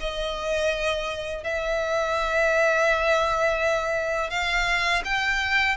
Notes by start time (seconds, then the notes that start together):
0.00 D#5
1.43 E5
4.30 F5
5.04 G5